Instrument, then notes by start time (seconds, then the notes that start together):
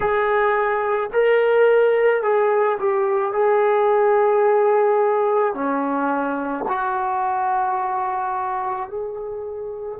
trombone
0.00 G#4
1.13 A#4
2.22 G#4
2.79 G4
3.32 G#4
5.54 C#4
6.68 F#4
8.89 G#4